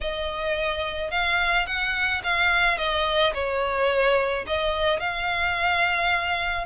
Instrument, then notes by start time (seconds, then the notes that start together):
violin
0.00 D#5
1.11 F5
1.66 F#5
2.23 F5
2.77 D#5
3.34 C#5
4.46 D#5
4.99 F5